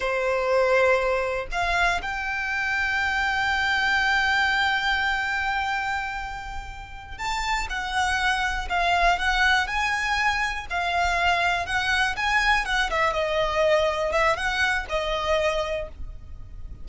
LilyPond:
\new Staff \with { instrumentName = "violin" } { \time 4/4 \tempo 4 = 121 c''2. f''4 | g''1~ | g''1~ | g''2~ g''8 a''4 fis''8~ |
fis''4. f''4 fis''4 gis''8~ | gis''4. f''2 fis''8~ | fis''8 gis''4 fis''8 e''8 dis''4.~ | dis''8 e''8 fis''4 dis''2 | }